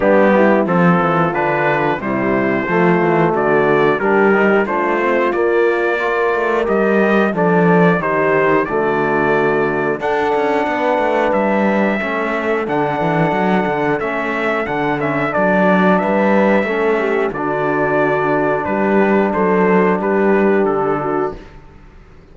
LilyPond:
<<
  \new Staff \with { instrumentName = "trumpet" } { \time 4/4 \tempo 4 = 90 g'4 a'4 b'4 c''4~ | c''4 d''4 ais'4 c''4 | d''2 dis''4 d''4 | c''4 d''2 fis''4~ |
fis''4 e''2 fis''4~ | fis''4 e''4 fis''8 e''8 d''4 | e''2 d''2 | b'4 c''4 b'4 a'4 | }
  \new Staff \with { instrumentName = "horn" } { \time 4/4 d'8 e'8 f'2 e'4 | f'4 fis'4 g'4 f'4~ | f'4 ais'2 a'4 | g'4 fis'2 a'4 |
b'2 a'2~ | a'1 | b'4 a'8 g'8 fis'2 | g'4 a'4 g'4. fis'8 | }
  \new Staff \with { instrumentName = "trombone" } { \time 4/4 b4 c'4 d'4 g4 | a2 d'8 dis'8 d'8 c'8 | ais4 f'4 g'4 d'4 | dis'4 a2 d'4~ |
d'2 cis'4 d'4~ | d'4 cis'4 d'8 cis'8 d'4~ | d'4 cis'4 d'2~ | d'1 | }
  \new Staff \with { instrumentName = "cello" } { \time 4/4 g4 f8 e8 d4 c4 | f8 e8 d4 g4 a4 | ais4. a8 g4 f4 | dis4 d2 d'8 cis'8 |
b8 a8 g4 a4 d8 e8 | fis8 d8 a4 d4 fis4 | g4 a4 d2 | g4 fis4 g4 d4 | }
>>